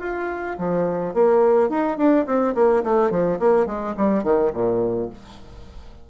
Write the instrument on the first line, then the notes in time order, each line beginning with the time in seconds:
bassoon
0.00 F4
0.58 F3
1.14 A#3
1.70 D#4
1.98 D4
2.26 C4
2.55 A#3
2.84 A3
3.11 F3
3.40 A#3
3.67 G#3
3.97 G3
4.23 D#3
4.53 A#2